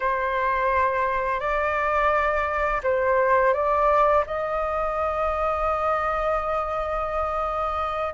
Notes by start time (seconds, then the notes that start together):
0.00 C5
1.40 D5
2.83 C5
3.53 D5
4.26 D#5